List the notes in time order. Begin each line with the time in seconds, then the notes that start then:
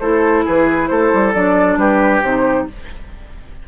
0.00 A3 E4 A4 C5
0.45 E3 G#4 B4
0.88 A3 A4 C5
1.14 G3
1.34 F#3 D4 D5
1.77 G3 G4 B4
2.23 C3 D#4 C5